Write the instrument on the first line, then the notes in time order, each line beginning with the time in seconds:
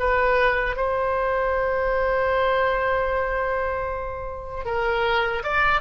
oboe
0.00 B4
0.77 C5
4.65 A#4
5.44 D5